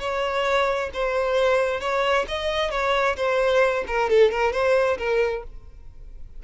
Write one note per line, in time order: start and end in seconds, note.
0.00 0.90 C#5
0.94 1.81 C5
1.81 2.26 C#5
2.28 2.71 D#5
2.71 3.16 C#5
3.17 3.84 C5
3.87 4.10 A#4
4.10 4.31 A4
4.31 4.53 A#4
4.53 4.98 C5
4.98 5.43 A#4